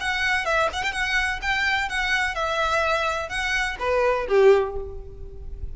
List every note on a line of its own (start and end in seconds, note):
0.00 0.45 F#5
0.45 0.69 E5
0.73 0.83 F#5
0.83 0.92 G5
0.92 1.40 F#5
1.41 1.89 G5
1.89 2.35 F#5
2.35 3.29 E5
3.29 3.76 F#5
3.79 4.27 B4
4.28 4.76 G4